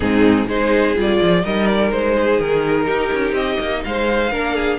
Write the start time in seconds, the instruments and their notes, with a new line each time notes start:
0.00 cello G#2, viola C4, violin D#4 G#4
0.47 cello G#3, viola D#4, violin G#4 C5
0.95 cello G3, viola F4, violin D5
1.22 cello F3
1.44 cello G3, viola D#4, violin A#4 D#5
1.66 violin D5
1.91 cello G#3, violin C5
2.14 violin G#4
2.39 cello D#3, violin A#4
2.86 cello D#4, violin G4
3.12 cello C#4
3.32 cello C4, violin D#5
3.60 cello A#3
3.84 cello G#3, violin C5 F5
4.31 cello A#3, viola D4, violin A#4
4.54 violin G#4